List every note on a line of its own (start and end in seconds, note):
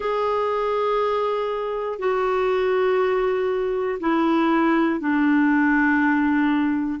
0.00 1.99 G#4
1.99 3.99 F#4
4.00 5.00 E4
5.00 7.00 D4